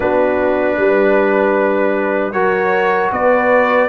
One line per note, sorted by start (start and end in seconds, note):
0.00 0.77 B3
0.00 2.33 D4
0.00 0.77 F#4
0.00 2.32 B4
0.77 2.32 G3
0.77 2.33 B4
2.32 3.10 F#3
2.32 3.88 F#4
2.32 3.11 A#4
2.32 3.10 C#5
3.11 3.88 B3
3.11 3.88 B4
3.11 3.88 D5